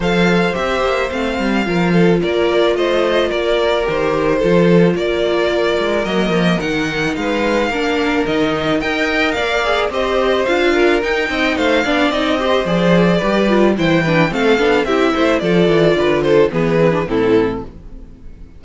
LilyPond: <<
  \new Staff \with { instrumentName = "violin" } { \time 4/4 \tempo 4 = 109 f''4 e''4 f''2 | d''4 dis''4 d''4 c''4~ | c''4 d''2 dis''4 | fis''4 f''2 dis''4 |
g''4 f''4 dis''4 f''4 | g''4 f''4 dis''4 d''4~ | d''4 g''4 f''4 e''4 | d''4. c''8 b'4 a'4 | }
  \new Staff \with { instrumentName = "violin" } { \time 4/4 c''2. ais'8 a'8 | ais'4 c''4 ais'2 | a'4 ais'2.~ | ais'4 b'4 ais'2 |
dis''4 d''4 c''4. ais'8~ | ais'8 dis''8 c''8 d''4 c''4. | b'4 c''8 b'8 a'4 g'8 c''8 | a'4 b'8 a'8 gis'4 e'4 | }
  \new Staff \with { instrumentName = "viola" } { \time 4/4 a'4 g'4 c'4 f'4~ | f'2. g'4 | f'2. ais4 | dis'2 d'4 dis'4 |
ais'4. gis'8 g'4 f'4 | dis'4. d'8 dis'8 g'8 gis'4 | g'8 f'8 e'8 d'8 c'8 d'8 e'4 | f'2 b8 c'16 d'16 c'4 | }
  \new Staff \with { instrumentName = "cello" } { \time 4/4 f4 c'8 ais8 a8 g8 f4 | ais4 a4 ais4 dis4 | f4 ais4. gis8 fis8 f8 | dis4 gis4 ais4 dis4 |
dis'4 ais4 c'4 d'4 | dis'8 c'8 a8 b8 c'4 f4 | g4 e4 a8 b8 c'8 a8 | f8 e8 d4 e4 a,4 | }
>>